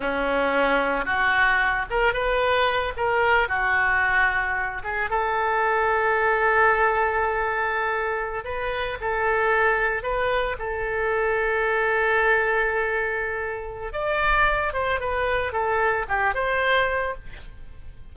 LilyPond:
\new Staff \with { instrumentName = "oboe" } { \time 4/4 \tempo 4 = 112 cis'2 fis'4. ais'8 | b'4. ais'4 fis'4.~ | fis'4 gis'8 a'2~ a'8~ | a'2.~ a'8. b'16~ |
b'8. a'2 b'4 a'16~ | a'1~ | a'2 d''4. c''8 | b'4 a'4 g'8 c''4. | }